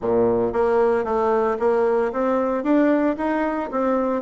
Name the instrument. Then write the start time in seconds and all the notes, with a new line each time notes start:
bassoon
0.01 A#2
0.53 A#3
1.04 A3
1.59 A#3
2.12 C4
2.63 D4
3.17 D#4
3.71 C4